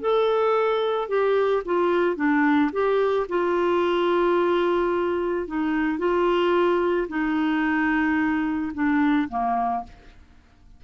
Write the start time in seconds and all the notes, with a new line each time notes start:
0.00 A4
1.08 G4
1.65 F4
2.16 D4
2.72 G4
3.29 F4
5.47 D#4
5.98 F4
7.08 D#4
8.74 D4
9.29 A#3